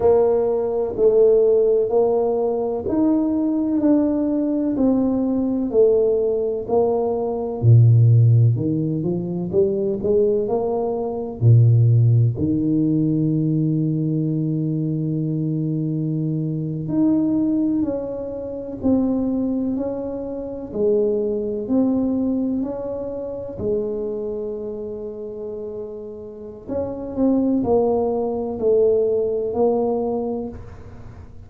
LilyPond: \new Staff \with { instrumentName = "tuba" } { \time 4/4 \tempo 4 = 63 ais4 a4 ais4 dis'4 | d'4 c'4 a4 ais4 | ais,4 dis8 f8 g8 gis8 ais4 | ais,4 dis2.~ |
dis4.~ dis16 dis'4 cis'4 c'16~ | c'8. cis'4 gis4 c'4 cis'16~ | cis'8. gis2.~ gis16 | cis'8 c'8 ais4 a4 ais4 | }